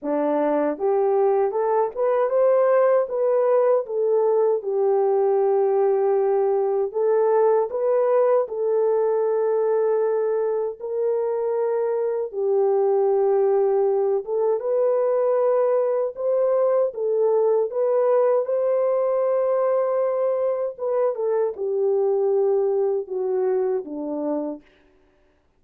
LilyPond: \new Staff \with { instrumentName = "horn" } { \time 4/4 \tempo 4 = 78 d'4 g'4 a'8 b'8 c''4 | b'4 a'4 g'2~ | g'4 a'4 b'4 a'4~ | a'2 ais'2 |
g'2~ g'8 a'8 b'4~ | b'4 c''4 a'4 b'4 | c''2. b'8 a'8 | g'2 fis'4 d'4 | }